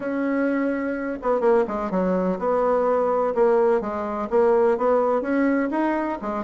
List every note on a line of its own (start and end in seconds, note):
0.00 1.18 C#4
1.22 1.40 B3
1.40 1.64 A#3
1.67 1.90 G#3
1.90 2.38 F#3
2.38 3.34 B3
3.34 3.80 A#3
3.80 4.28 G#3
4.30 4.77 A#3
4.77 5.21 B3
5.21 5.69 C#4
5.71 6.18 D#4
6.21 6.44 G#3